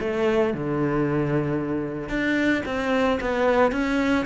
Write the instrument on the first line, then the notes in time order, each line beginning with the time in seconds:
cello
0.00 A3
0.54 D3
2.08 D4
2.65 C4
3.20 B3
3.72 C#4